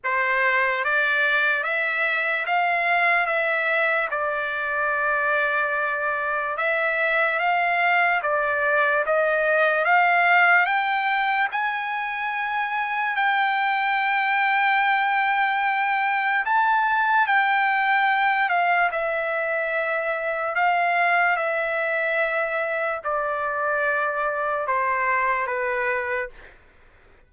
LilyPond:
\new Staff \with { instrumentName = "trumpet" } { \time 4/4 \tempo 4 = 73 c''4 d''4 e''4 f''4 | e''4 d''2. | e''4 f''4 d''4 dis''4 | f''4 g''4 gis''2 |
g''1 | a''4 g''4. f''8 e''4~ | e''4 f''4 e''2 | d''2 c''4 b'4 | }